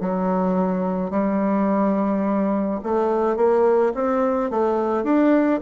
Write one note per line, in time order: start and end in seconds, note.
0.00 1.11 F#3
1.11 2.80 G3
2.84 3.37 A3
3.37 3.93 A#3
3.95 4.51 C4
4.51 5.04 A3
5.04 5.60 D4